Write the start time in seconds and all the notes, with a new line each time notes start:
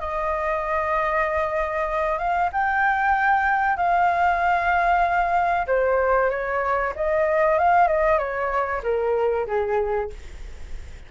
0.00 D#5
2.18 F5
2.52 G5
3.77 F5
5.67 C5
6.30 C#5
6.95 D#5
7.58 F5
7.88 D#5
8.18 C#5
8.83 A#4
9.47 G#4